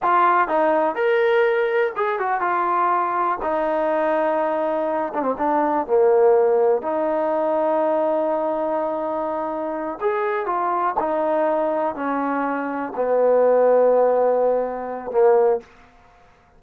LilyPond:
\new Staff \with { instrumentName = "trombone" } { \time 4/4 \tempo 4 = 123 f'4 dis'4 ais'2 | gis'8 fis'8 f'2 dis'4~ | dis'2~ dis'8 d'16 c'16 d'4 | ais2 dis'2~ |
dis'1~ | dis'8 gis'4 f'4 dis'4.~ | dis'8 cis'2 b4.~ | b2. ais4 | }